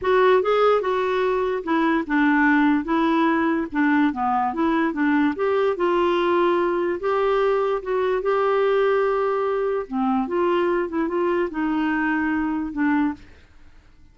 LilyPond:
\new Staff \with { instrumentName = "clarinet" } { \time 4/4 \tempo 4 = 146 fis'4 gis'4 fis'2 | e'4 d'2 e'4~ | e'4 d'4 b4 e'4 | d'4 g'4 f'2~ |
f'4 g'2 fis'4 | g'1 | c'4 f'4. e'8 f'4 | dis'2. d'4 | }